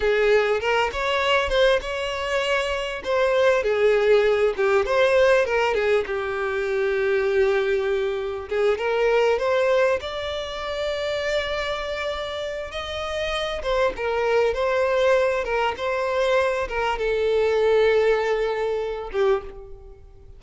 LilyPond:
\new Staff \with { instrumentName = "violin" } { \time 4/4 \tempo 4 = 99 gis'4 ais'8 cis''4 c''8 cis''4~ | cis''4 c''4 gis'4. g'8 | c''4 ais'8 gis'8 g'2~ | g'2 gis'8 ais'4 c''8~ |
c''8 d''2.~ d''8~ | d''4 dis''4. c''8 ais'4 | c''4. ais'8 c''4. ais'8 | a'2.~ a'8 g'8 | }